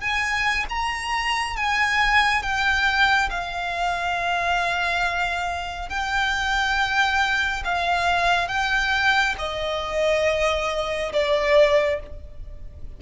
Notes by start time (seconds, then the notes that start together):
0.00 G#5
0.69 A#5
1.56 G#5
2.42 G5
3.30 F5
5.89 G5
7.64 F5
8.48 G5
9.38 D#5
11.13 D5